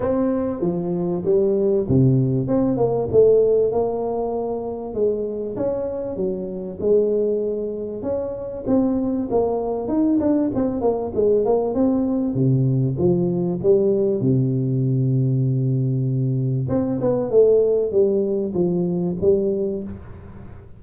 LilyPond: \new Staff \with { instrumentName = "tuba" } { \time 4/4 \tempo 4 = 97 c'4 f4 g4 c4 | c'8 ais8 a4 ais2 | gis4 cis'4 fis4 gis4~ | gis4 cis'4 c'4 ais4 |
dis'8 d'8 c'8 ais8 gis8 ais8 c'4 | c4 f4 g4 c4~ | c2. c'8 b8 | a4 g4 f4 g4 | }